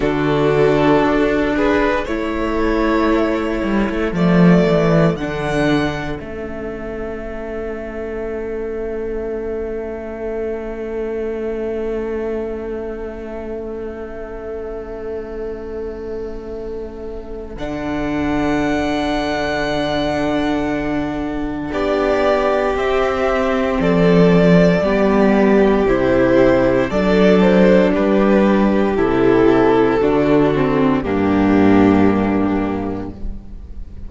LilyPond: <<
  \new Staff \with { instrumentName = "violin" } { \time 4/4 \tempo 4 = 58 a'4. b'8 cis''2 | d''4 fis''4 e''2~ | e''1~ | e''1~ |
e''4 fis''2.~ | fis''4 d''4 e''4 d''4~ | d''4 c''4 d''8 c''8 b'4 | a'2 g'2 | }
  \new Staff \with { instrumentName = "violin" } { \time 4/4 fis'4. gis'8 a'2~ | a'1~ | a'1~ | a'1~ |
a'1~ | a'4 g'2 a'4 | g'2 a'4 g'4~ | g'4 fis'4 d'2 | }
  \new Staff \with { instrumentName = "viola" } { \time 4/4 d'2 e'2 | a4 d'4 cis'2~ | cis'1~ | cis'1~ |
cis'4 d'2.~ | d'2 c'2 | b4 e'4 d'2 | e'4 d'8 c'8 ais2 | }
  \new Staff \with { instrumentName = "cello" } { \time 4/4 d4 d'4 a4. g16 a16 | f8 e8 d4 a2~ | a1~ | a1~ |
a4 d2.~ | d4 b4 c'4 f4 | g4 c4 fis4 g4 | c4 d4 g,2 | }
>>